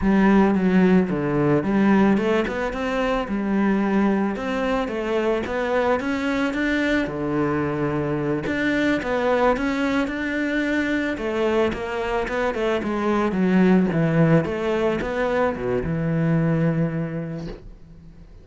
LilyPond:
\new Staff \with { instrumentName = "cello" } { \time 4/4 \tempo 4 = 110 g4 fis4 d4 g4 | a8 b8 c'4 g2 | c'4 a4 b4 cis'4 | d'4 d2~ d8 d'8~ |
d'8 b4 cis'4 d'4.~ | d'8 a4 ais4 b8 a8 gis8~ | gis8 fis4 e4 a4 b8~ | b8 b,8 e2. | }